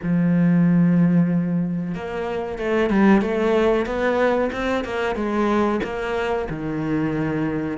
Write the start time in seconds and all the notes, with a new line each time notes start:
0.03 F3
1.94 A#3
2.58 A3
2.90 G3
3.21 A3
3.86 B3
4.52 C4
4.84 A#3
5.15 G#3
5.83 A#3
6.49 D#3